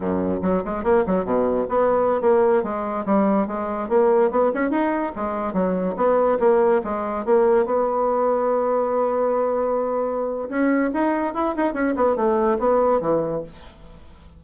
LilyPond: \new Staff \with { instrumentName = "bassoon" } { \time 4/4 \tempo 4 = 143 fis,4 fis8 gis8 ais8 fis8 b,4 | b4~ b16 ais4 gis4 g8.~ | g16 gis4 ais4 b8 cis'8 dis'8.~ | dis'16 gis4 fis4 b4 ais8.~ |
ais16 gis4 ais4 b4.~ b16~ | b1~ | b4 cis'4 dis'4 e'8 dis'8 | cis'8 b8 a4 b4 e4 | }